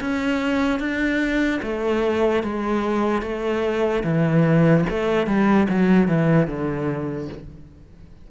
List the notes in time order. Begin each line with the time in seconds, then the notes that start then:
0.00 C#4
0.79 D4
1.62 A3
2.43 G#3
3.22 A3
4.03 E3
4.89 A3
5.26 G3
5.69 F#3
6.07 E3
6.47 D3